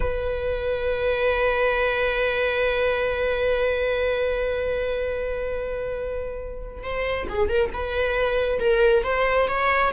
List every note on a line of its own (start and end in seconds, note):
0.00 6.83 B4
6.83 7.27 C5
7.29 7.48 G#4
7.48 7.70 A#4
7.73 8.59 B4
8.59 9.03 A#4
9.03 9.47 C5
9.48 9.92 C#5